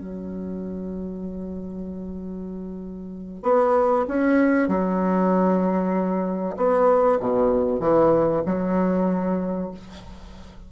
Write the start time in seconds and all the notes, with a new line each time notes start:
0.00 F#3
3.43 B3
4.08 C#4
4.68 F#3
6.57 B3
7.20 B2
7.80 E3
8.46 F#3